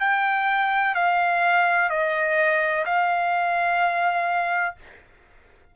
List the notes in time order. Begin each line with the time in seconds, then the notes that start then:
0.00 G5
0.95 F5
1.90 D#5
2.85 F5